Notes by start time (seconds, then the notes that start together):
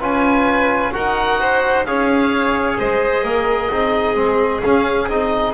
0.00 C#4 F4 B4 G#5
0.92 D#4 F#4 A#4 F#5
1.40 C5
1.85 C#4 G#4 C#5 F5
2.78 G#3 C5 D#5
3.23 A#3 A#4
3.70 C4 D#4 G#4
4.15 G#3 C4
4.62 C#4 F5
5.08 C4 D#4 D#5